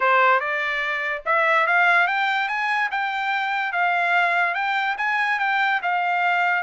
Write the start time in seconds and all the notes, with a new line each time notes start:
0.00 C5
0.39 D5
1.25 E5
1.66 F5
2.07 G5
2.48 G#5
2.91 G5
3.72 F5
4.54 G5
4.97 G#5
5.39 G5
5.82 F5